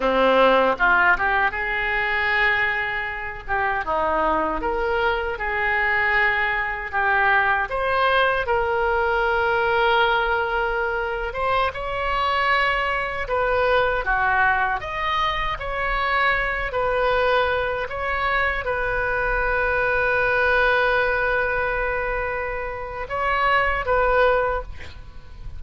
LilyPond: \new Staff \with { instrumentName = "oboe" } { \time 4/4 \tempo 4 = 78 c'4 f'8 g'8 gis'2~ | gis'8 g'8 dis'4 ais'4 gis'4~ | gis'4 g'4 c''4 ais'4~ | ais'2~ ais'8. c''8 cis''8.~ |
cis''4~ cis''16 b'4 fis'4 dis''8.~ | dis''16 cis''4. b'4. cis''8.~ | cis''16 b'2.~ b'8.~ | b'2 cis''4 b'4 | }